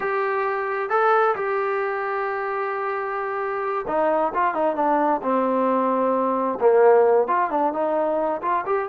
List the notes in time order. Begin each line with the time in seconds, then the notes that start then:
0.00 G4
0.89 A4
1.35 G4
3.87 D#4
4.34 F4
4.54 D#4
4.75 D4
5.22 C4
6.60 A#3
7.27 F4
7.50 D4
7.73 D#4
8.42 F4
8.66 G4